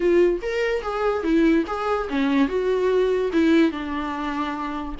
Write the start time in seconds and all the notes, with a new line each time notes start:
0.00 F4
0.42 A#4
0.81 G#4
1.23 E4
1.66 G#4
2.09 C#4
2.48 F#4
3.32 E4
3.71 D4